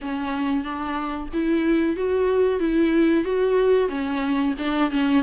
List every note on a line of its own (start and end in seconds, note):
0.01 0.64 C#4
0.64 1.29 D4
1.33 1.96 E4
1.96 2.59 F#4
2.59 3.24 E4
3.24 3.89 F#4
3.89 4.54 C#4
4.58 4.91 D4
4.91 5.23 C#4